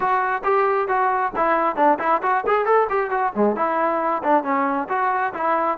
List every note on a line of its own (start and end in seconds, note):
0.00 0.42 F#4
0.43 0.88 G4
0.88 1.32 F#4
1.36 1.76 E4
1.76 1.98 D4
1.99 2.21 E4
2.22 2.44 F#4
2.46 2.65 G#4
2.65 2.87 A4
2.89 3.10 G4
3.10 3.32 F#4
3.35 3.56 G#3
3.56 4.22 E4
4.23 4.43 D4
4.43 4.88 C#4
4.88 5.33 F#4
5.33 5.78 E4